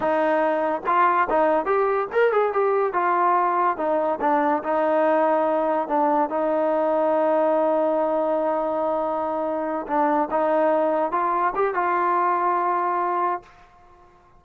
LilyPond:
\new Staff \with { instrumentName = "trombone" } { \time 4/4 \tempo 4 = 143 dis'2 f'4 dis'4 | g'4 ais'8 gis'8 g'4 f'4~ | f'4 dis'4 d'4 dis'4~ | dis'2 d'4 dis'4~ |
dis'1~ | dis'2.~ dis'8 d'8~ | d'8 dis'2 f'4 g'8 | f'1 | }